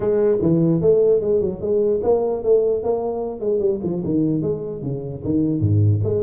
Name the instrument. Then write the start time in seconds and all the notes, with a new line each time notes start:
tuba
0.00 G#3
0.41 E3
0.81 A3
1.20 G#3
1.40 F#3
1.60 G#3
2.03 A#3
2.43 A3
2.83 A#3
3.40 G#3
3.59 G3
3.83 F3
4.05 D#3
4.42 G#3
4.82 C#3
5.24 D#3
5.60 G#2
6.03 G#3